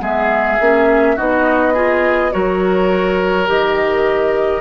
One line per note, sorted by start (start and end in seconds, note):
0.00 0.58 G#3
0.00 0.58 B3
0.00 1.16 G#4
0.00 1.18 E5
0.60 1.18 A#3
0.60 1.17 C#4
1.16 2.34 B3
1.16 1.74 D#4
1.16 1.73 F#4
1.16 2.32 D#5
1.73 2.31 F4
1.73 2.31 G#4
2.31 3.49 F#3
2.31 3.46 F#4
2.31 4.61 A#4
2.31 3.48 C#5
3.46 4.61 D#3
3.46 4.61 G4
3.46 4.61 D#5